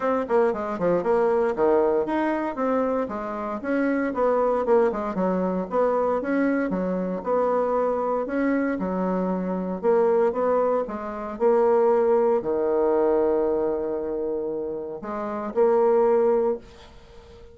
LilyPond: \new Staff \with { instrumentName = "bassoon" } { \time 4/4 \tempo 4 = 116 c'8 ais8 gis8 f8 ais4 dis4 | dis'4 c'4 gis4 cis'4 | b4 ais8 gis8 fis4 b4 | cis'4 fis4 b2 |
cis'4 fis2 ais4 | b4 gis4 ais2 | dis1~ | dis4 gis4 ais2 | }